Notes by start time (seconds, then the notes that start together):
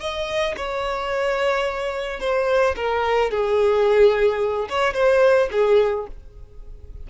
0.00 D#5
0.57 C#5
2.20 C5
2.76 A#4
3.31 G#4
4.69 C#5
4.94 C5
5.51 G#4